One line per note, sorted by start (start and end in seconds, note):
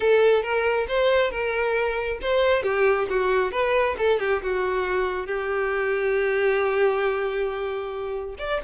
0.00 0.43 A4
0.43 0.87 A#4
0.88 1.30 C5
1.30 2.18 A#4
2.21 2.62 C5
2.62 3.07 G4
3.09 3.51 F#4
3.51 3.95 B4
3.98 4.19 A4
4.19 4.41 G4
4.42 5.26 F#4
5.26 8.35 G4
8.38 8.60 D5